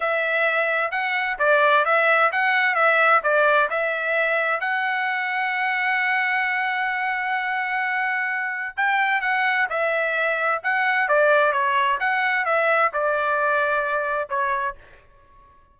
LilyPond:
\new Staff \with { instrumentName = "trumpet" } { \time 4/4 \tempo 4 = 130 e''2 fis''4 d''4 | e''4 fis''4 e''4 d''4 | e''2 fis''2~ | fis''1~ |
fis''2. g''4 | fis''4 e''2 fis''4 | d''4 cis''4 fis''4 e''4 | d''2. cis''4 | }